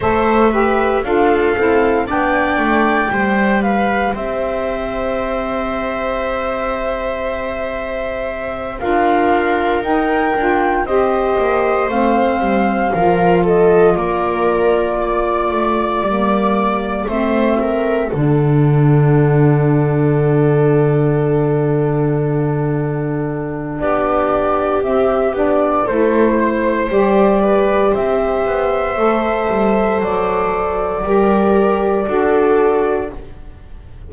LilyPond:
<<
  \new Staff \with { instrumentName = "flute" } { \time 4/4 \tempo 4 = 58 e''4 f''4 g''4. f''8 | e''1~ | e''8 f''4 g''4 dis''4 f''8~ | f''4 dis''8 d''2~ d''8~ |
d''8 e''4 fis''2~ fis''8~ | fis''2. d''4 | e''8 d''8 c''4 d''4 e''4~ | e''4 d''2. | }
  \new Staff \with { instrumentName = "viola" } { \time 4/4 c''8 b'8 a'4 d''4 c''8 b'8 | c''1~ | c''8 ais'2 c''4.~ | c''8 ais'8 a'8 ais'4 d''4.~ |
d''8 c''8 ais'8 a'2~ a'8~ | a'2. g'4~ | g'4 a'8 c''4 b'8 c''4~ | c''2 ais'4 a'4 | }
  \new Staff \with { instrumentName = "saxophone" } { \time 4/4 a'8 g'8 f'8 e'8 d'4 g'4~ | g'1~ | g'8 f'4 dis'8 f'8 g'4 c'8~ | c'8 f'2. ais8~ |
ais8 c'4 d'2~ d'8~ | d'1 | c'8 d'8 e'4 g'2 | a'2 g'4 fis'4 | }
  \new Staff \with { instrumentName = "double bass" } { \time 4/4 a4 d'8 c'8 b8 a8 g4 | c'1~ | c'8 d'4 dis'8 d'8 c'8 ais8 a8 | g8 f4 ais4. a8 g8~ |
g8 a4 d2~ d8~ | d2. b4 | c'8 b8 a4 g4 c'8 b8 | a8 g8 fis4 g4 d'4 | }
>>